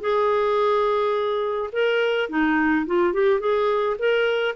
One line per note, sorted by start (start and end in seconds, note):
0.00 1.70 G#4
1.72 2.29 A#4
2.29 2.86 D#4
2.86 3.13 F4
3.13 3.40 G4
3.40 3.96 G#4
3.99 4.55 A#4